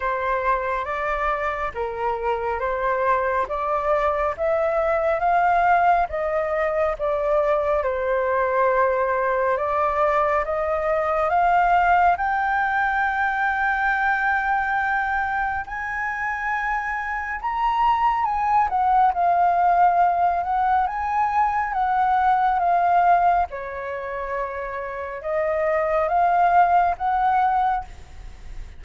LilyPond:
\new Staff \with { instrumentName = "flute" } { \time 4/4 \tempo 4 = 69 c''4 d''4 ais'4 c''4 | d''4 e''4 f''4 dis''4 | d''4 c''2 d''4 | dis''4 f''4 g''2~ |
g''2 gis''2 | ais''4 gis''8 fis''8 f''4. fis''8 | gis''4 fis''4 f''4 cis''4~ | cis''4 dis''4 f''4 fis''4 | }